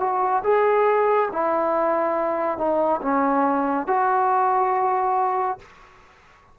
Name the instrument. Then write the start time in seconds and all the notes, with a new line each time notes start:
trombone
0.00 F#4
0.44 G#4
1.33 E4
2.58 D#4
3.02 C#4
3.88 F#4